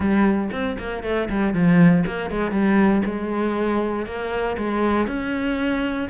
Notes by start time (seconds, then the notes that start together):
0.00 G3
0.51 C4
0.78 A#3
1.03 A3
1.29 G3
1.53 F3
2.06 A#3
2.30 G#3
2.51 G3
3.05 G#3
4.05 A#3
4.57 G#3
5.07 C#4